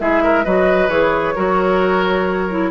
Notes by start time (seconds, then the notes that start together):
0.00 G#3 E4 G#4 E5
0.24 A#4
0.44 F#3 F#4 B4 D#5
0.89 E3 G#4 C#5
1.35 F#3 F#4 A#4
2.50 E4